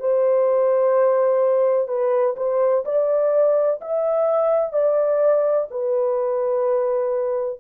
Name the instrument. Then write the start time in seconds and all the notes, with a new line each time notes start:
horn
0.00 C5
1.88 B4
2.37 C5
2.85 D5
3.81 E5
4.73 D5
5.71 B4